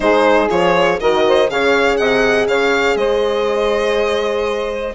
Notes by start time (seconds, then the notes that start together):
0.00 G#3 D#4 G#4 C5
0.49 F3 F4 C#5
1.00 D#3 F#4 A#4 D#5
1.27 C5
1.49 C#3 G#4 C#5 F5
1.96 C3 D#5 F#5
2.46 C#3 C#5 F5
2.95 G#3 C5 D#5